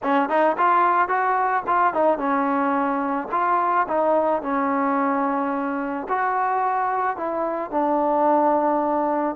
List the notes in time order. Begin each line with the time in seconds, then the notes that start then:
0.03 C#4
0.29 D#4
0.57 F4
1.08 F#4
1.67 F4
1.93 D#4
2.17 C#4
3.31 F4
3.88 D#4
4.42 C#4
6.09 F#4
7.16 E4
7.71 D4